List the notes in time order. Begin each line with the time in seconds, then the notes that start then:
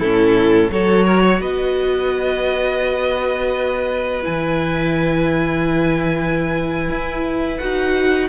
0.00 A2 C#4 E4 A4
0.70 F#3 F#4 A4 C#5
1.06 A#4
1.22 C#5
1.40 B3 B4 D#5
4.22 E3 E4 G#5
6.90 E4
7.57 D#4 F#4 F#5